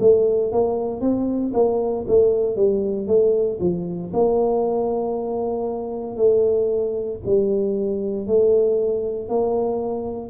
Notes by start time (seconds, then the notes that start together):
0.00 A3
0.52 A#3
1.01 C4
1.54 A#3
2.07 A3
2.56 G3
3.07 A3
3.60 F3
4.13 A#3
6.16 A3
7.26 G3
8.27 A3
9.29 A#3